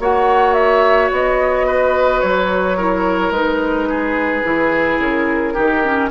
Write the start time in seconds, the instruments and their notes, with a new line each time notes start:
0.00 bassoon A#3, clarinet F#4, oboe C#5, flute F#5
0.54 flute E5
1.12 bassoon B3, flute D#5
1.67 oboe B4
2.21 bassoon F#3, flute C#5
2.78 clarinet E4, oboe A#4
3.31 bassoon G#3, clarinet D#4, flute B4
3.90 oboe G#4
4.44 bassoon E3, clarinet E4
4.99 bassoon C#3, flute A#4
5.54 bassoon D#3, clarinet D#4, oboe G4
5.84 clarinet C#4